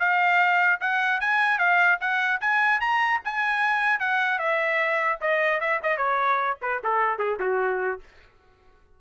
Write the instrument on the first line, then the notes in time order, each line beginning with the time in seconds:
trumpet
0.00 F5
0.81 F#5
1.21 G#5
1.59 F5
2.01 F#5
2.41 G#5
2.81 A#5
3.25 G#5
4.00 F#5
4.39 E5
5.21 D#5
5.61 E5
5.83 D#5
5.98 C#5
6.62 B4
6.84 A4
7.19 G#4
7.40 F#4